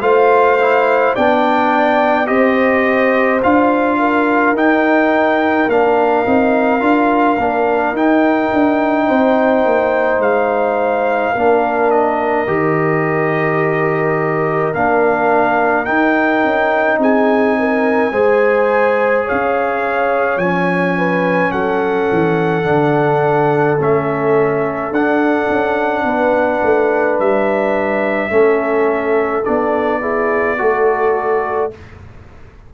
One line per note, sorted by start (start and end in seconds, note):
0.00 1.13 A3
0.00 0.57 F4
0.00 1.15 C5
0.00 1.14 F5
0.60 1.17 E4
1.15 2.29 B3
1.15 2.26 D4
1.15 2.28 D5
1.15 2.27 G5
2.26 3.42 C4
2.26 3.39 G4
2.26 3.98 C5
2.26 3.40 D#5
3.42 4.52 D4
3.42 4.55 F4
3.42 4.56 F5
3.99 9.06 A#4
4.52 5.66 D#4
4.52 5.68 D#4
4.52 5.70 G5
5.67 6.23 A#3
5.67 6.25 D4
5.67 7.96 F5
6.25 6.80 C4
6.25 6.80 D#4
6.80 7.37 D4
6.80 7.36 F4
7.37 7.92 A#3
7.37 7.95 D4
7.92 8.49 D#4
7.92 11.35 D#4
7.92 10.21 G5
8.53 9.09 D4
9.06 9.65 C4
9.06 11.32 C5
9.65 10.19 A#3
10.19 11.32 G#3
10.19 11.90 F5
11.32 12.46 A#3
11.32 12.47 D4
11.32 16.98 A#4
11.90 14.73 D#5
12.46 14.72 D#3
12.46 14.73 G4
14.74 15.87 A#3
14.74 15.86 D4
14.74 15.85 F5
15.85 18.12 D#4
15.85 16.43 D#4
15.85 16.98 G5
16.43 16.97 C#4
16.97 18.10 C4
16.97 17.57 G#4
16.97 19.28 G#5
17.59 18.12 A#4
18.11 19.25 G#3
18.11 20.39 G#4
18.11 19.25 C5
19.25 20.94 C#5
19.25 20.38 F5
19.31 20.37 C#4
20.37 21.50 F3
20.37 22.64 C#4
20.37 21.51 G#5
20.97 21.52 B4
21.51 22.08 F#3
21.51 26.04 A4
21.51 23.77 F#5
22.11 22.64 E3
22.64 23.77 D3
22.64 23.77 D4
23.79 24.91 A3
23.79 24.93 C#4
23.79 24.93 E5
24.91 25.47 D4
24.91 28.30 D4
24.91 27.19 F#5
25.49 26.04 C#4
26.04 26.61 B3
26.04 28.31 B4
26.63 27.19 A3
27.19 28.30 G3
27.19 29.44 E5
28.30 29.43 A3
28.30 29.43 C#4
28.30 30.00 A4
29.44 30.60 B3
29.44 30.01 D4
29.44 31.71 D5
30.00 30.58 E4
30.00 30.57 G#4
30.58 31.74 A3
30.58 31.71 F#4
30.58 31.74 A4